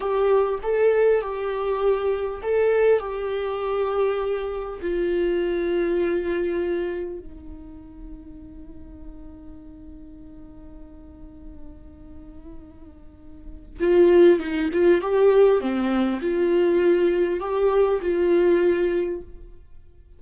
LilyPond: \new Staff \with { instrumentName = "viola" } { \time 4/4 \tempo 4 = 100 g'4 a'4 g'2 | a'4 g'2. | f'1 | dis'1~ |
dis'1~ | dis'2. f'4 | dis'8 f'8 g'4 c'4 f'4~ | f'4 g'4 f'2 | }